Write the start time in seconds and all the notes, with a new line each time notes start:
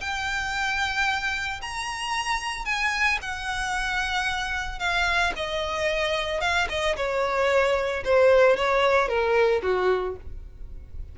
0.00 G5
1.61 A#5
2.65 G#5
3.21 F#5
4.79 F5
5.36 D#5
6.40 F5
6.69 D#5
6.96 C#5
8.04 C5
8.56 C#5
9.08 A#4
9.62 F#4